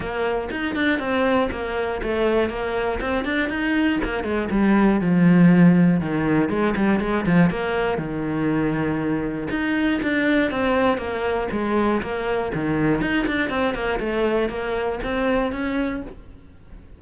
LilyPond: \new Staff \with { instrumentName = "cello" } { \time 4/4 \tempo 4 = 120 ais4 dis'8 d'8 c'4 ais4 | a4 ais4 c'8 d'8 dis'4 | ais8 gis8 g4 f2 | dis4 gis8 g8 gis8 f8 ais4 |
dis2. dis'4 | d'4 c'4 ais4 gis4 | ais4 dis4 dis'8 d'8 c'8 ais8 | a4 ais4 c'4 cis'4 | }